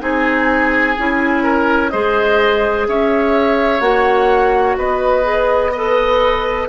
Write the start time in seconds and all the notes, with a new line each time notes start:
0.00 C4 D#4 G#4 G#5
0.98 C#4 E4
1.43 A#4
1.90 G#3 G#4 C5 D#5
2.88 C#4 C#5 E5
3.81 A#3 F#4 F#5
4.78 B3 B4 D#5
5.23 G#4
5.72 A4 B4 D#5